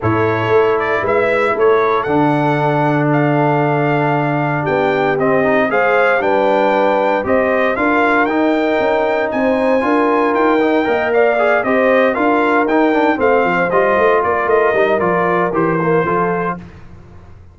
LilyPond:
<<
  \new Staff \with { instrumentName = "trumpet" } { \time 4/4 \tempo 4 = 116 cis''4. d''8 e''4 cis''4 | fis''2 f''2~ | f''4 g''4 dis''4 f''4 | g''2 dis''4 f''4 |
g''2 gis''2 | g''4. f''4 dis''4 f''8~ | f''8 g''4 f''4 dis''4 d''8 | dis''4 d''4 c''2 | }
  \new Staff \with { instrumentName = "horn" } { \time 4/4 a'2 b'4 a'4~ | a'1~ | a'4 g'2 c''4 | b'2 c''4 ais'4~ |
ais'2 c''4 ais'4~ | ais'4 dis''8 d''4 c''4 ais'8~ | ais'4. c''2 ais'8~ | ais'2. a'4 | }
  \new Staff \with { instrumentName = "trombone" } { \time 4/4 e'1 | d'1~ | d'2 c'8 dis'8 gis'4 | d'2 g'4 f'4 |
dis'2. f'4~ | f'8 dis'8 ais'4 gis'8 g'4 f'8~ | f'8 dis'8 d'8 c'4 f'4.~ | f'8 dis'8 f'4 g'8 ais8 f'4 | }
  \new Staff \with { instrumentName = "tuba" } { \time 4/4 a,4 a4 gis4 a4 | d1~ | d4 b4 c'4 gis4 | g2 c'4 d'4 |
dis'4 cis'4 c'4 d'4 | dis'4 ais4. c'4 d'8~ | d'8 dis'4 a8 f8 g8 a8 ais8 | a8 g8 f4 e4 f4 | }
>>